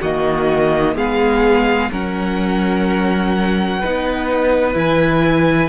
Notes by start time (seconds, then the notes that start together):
0.00 D#3 A#3 F#4 D#5
0.94 G#3 B3 G#4 F5
1.91 F#3 C#4 A#4 F#5
3.79 B3 D#4 B4
4.73 E3 E4 G#5